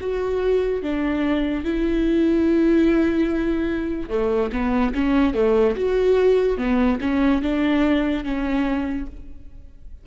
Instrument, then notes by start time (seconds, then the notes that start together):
viola
0.00 F#4
0.82 D4
1.64 E4
4.09 A3
4.52 B3
4.94 C#4
5.33 A3
5.75 F#4
6.57 B3
7.00 C#4
7.42 D4
8.24 C#4